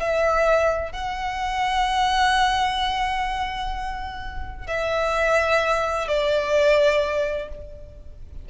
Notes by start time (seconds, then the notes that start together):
0.00 E5
0.92 F#5
4.67 E5
6.08 D5